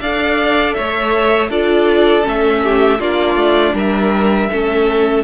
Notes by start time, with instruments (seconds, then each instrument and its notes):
0.00 cello D4, viola A4, violin D5 F5
0.73 cello A3, violin C#5 E5
1.49 cello D4, viola F4, violin A4 D5
2.22 cello A3, viola C#4, violin E5
2.63 violin G4
2.99 cello A#3, viola D4, violin F4 D5
3.35 cello A3
3.73 cello G3, violin A#4 E5
4.50 cello A3, viola C#4, violin A4